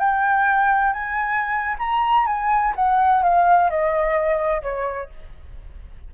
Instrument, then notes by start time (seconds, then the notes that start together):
flute
0.00 G5
0.94 G#5
1.79 A#5
2.27 G#5
2.76 F#5
3.23 F5
3.70 D#5
4.62 C#5